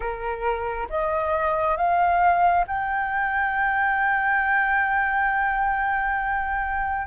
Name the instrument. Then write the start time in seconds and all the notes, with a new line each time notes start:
flute
0.00 A#4
0.89 D#5
1.76 F5
2.67 G5